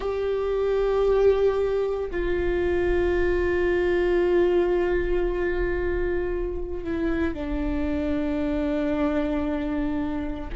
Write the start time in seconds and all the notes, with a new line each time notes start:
0.00 G4
2.11 F4
6.84 E4
7.33 D4